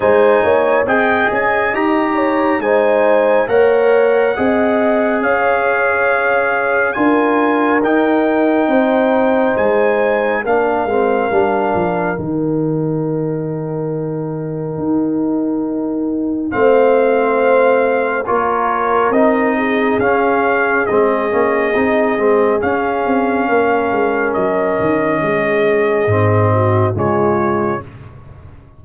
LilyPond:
<<
  \new Staff \with { instrumentName = "trumpet" } { \time 4/4 \tempo 4 = 69 gis''4 g''8 gis''8 ais''4 gis''4 | fis''2 f''2 | gis''4 g''2 gis''4 | f''2 g''2~ |
g''2. f''4~ | f''4 cis''4 dis''4 f''4 | dis''2 f''2 | dis''2. cis''4 | }
  \new Staff \with { instrumentName = "horn" } { \time 4/4 c''8 cis''8 dis''4. cis''8 c''4 | cis''4 dis''4 cis''2 | ais'2 c''2 | ais'1~ |
ais'2. c''4~ | c''4 ais'4. gis'4.~ | gis'2. ais'4~ | ais'4 gis'4. fis'8 f'4 | }
  \new Staff \with { instrumentName = "trombone" } { \time 4/4 dis'4 gis'4 g'4 dis'4 | ais'4 gis'2. | f'4 dis'2. | d'8 c'8 d'4 dis'2~ |
dis'2. c'4~ | c'4 f'4 dis'4 cis'4 | c'8 cis'8 dis'8 c'8 cis'2~ | cis'2 c'4 gis4 | }
  \new Staff \with { instrumentName = "tuba" } { \time 4/4 gis8 ais8 c'8 cis'8 dis'4 gis4 | ais4 c'4 cis'2 | d'4 dis'4 c'4 gis4 | ais8 gis8 g8 f8 dis2~ |
dis4 dis'2 a4~ | a4 ais4 c'4 cis'4 | gis8 ais8 c'8 gis8 cis'8 c'8 ais8 gis8 | fis8 dis8 gis4 gis,4 cis4 | }
>>